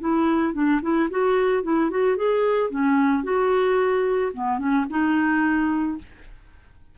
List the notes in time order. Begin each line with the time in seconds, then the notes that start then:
0.00 E4
0.54 D4
0.82 E4
1.10 F#4
1.63 E4
1.90 F#4
2.17 G#4
2.70 C#4
3.24 F#4
4.33 B3
4.59 C#4
4.90 D#4